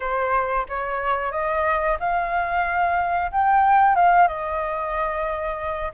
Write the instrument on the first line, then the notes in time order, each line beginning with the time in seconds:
flute
0.00 C5
0.68 C#5
1.31 D#5
1.99 F5
3.31 G5
3.95 F5
4.27 D#5